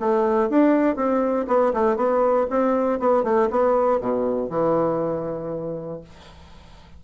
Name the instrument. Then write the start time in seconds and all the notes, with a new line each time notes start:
bassoon
0.00 A3
0.50 D4
0.96 C4
1.47 B3
1.73 A3
1.96 B3
2.50 C4
3.00 B3
3.24 A3
3.50 B3
4.00 B2
4.50 E3